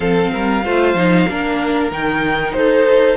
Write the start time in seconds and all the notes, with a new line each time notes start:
0.00 F3 C4 A4 F5
0.32 G3 A#4
0.64 A3 F4 C5
0.94 F3 D#4
1.28 A#3 D4 A#4
1.91 D#3 D#4 G5
2.52 D#4 A4 C5